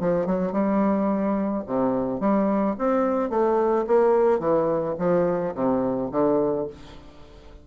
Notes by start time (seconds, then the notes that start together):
0.00 F3
0.26 F#3
0.52 G3
1.66 C3
2.20 G3
2.78 C4
3.30 A3
3.87 A#3
4.39 E3
4.98 F3
5.54 C3
6.11 D3